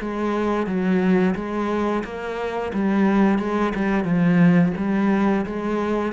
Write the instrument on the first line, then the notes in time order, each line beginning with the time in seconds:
cello
0.00 G#3
0.66 F#3
1.35 G#3
2.04 A#3
2.73 G3
3.38 G#3
3.74 G3
4.04 F3
4.77 G3
5.45 G#3